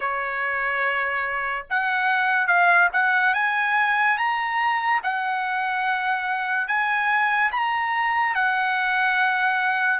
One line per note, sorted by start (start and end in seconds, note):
0.00 1.66 C#5
1.70 2.47 F#5
2.47 2.89 F5
2.92 3.34 F#5
3.34 4.17 G#5
4.17 5.00 A#5
5.03 6.67 F#5
6.67 7.50 G#5
7.52 8.34 A#5
8.34 9.99 F#5